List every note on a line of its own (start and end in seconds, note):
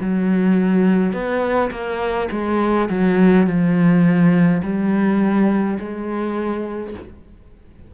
0.00 1.13 F#3
1.13 1.71 B3
1.71 2.29 A#3
2.31 2.89 G#3
2.90 3.47 F#3
3.47 4.62 F3
4.63 5.78 G3
5.79 6.94 G#3